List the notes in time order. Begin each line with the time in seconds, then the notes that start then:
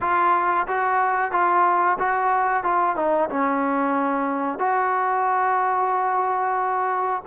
0.00 F4
0.67 F#4
1.31 F4
1.98 F#4
2.63 F4
2.96 D#4
3.29 C#4
4.59 F#4